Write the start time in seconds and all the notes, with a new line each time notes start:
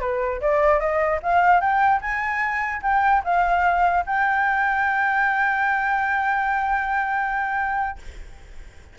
0.00 B4
0.41 D5
0.79 D#5
1.22 F5
1.60 G5
2.01 G#5
2.82 G5
3.24 F5
4.06 G5